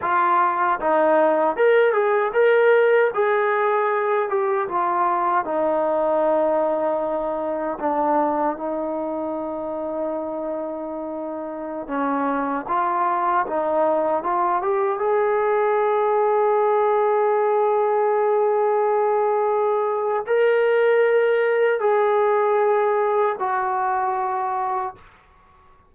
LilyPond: \new Staff \with { instrumentName = "trombone" } { \time 4/4 \tempo 4 = 77 f'4 dis'4 ais'8 gis'8 ais'4 | gis'4. g'8 f'4 dis'4~ | dis'2 d'4 dis'4~ | dis'2.~ dis'16 cis'8.~ |
cis'16 f'4 dis'4 f'8 g'8 gis'8.~ | gis'1~ | gis'2 ais'2 | gis'2 fis'2 | }